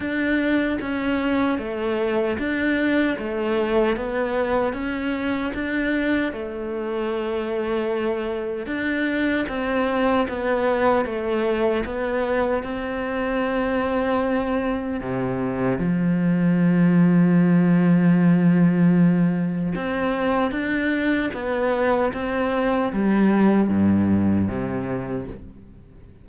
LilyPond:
\new Staff \with { instrumentName = "cello" } { \time 4/4 \tempo 4 = 76 d'4 cis'4 a4 d'4 | a4 b4 cis'4 d'4 | a2. d'4 | c'4 b4 a4 b4 |
c'2. c4 | f1~ | f4 c'4 d'4 b4 | c'4 g4 g,4 c4 | }